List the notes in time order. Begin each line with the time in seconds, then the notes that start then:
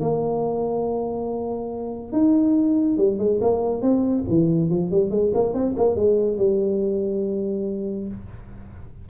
0.00 A#3
2.12 D#4
2.97 G3
3.18 G#3
3.40 A#3
3.81 C4
4.29 E3
4.69 F3
4.91 G3
5.10 G#3
5.34 A#3
5.53 C4
5.76 A#3
5.95 G#3
6.37 G3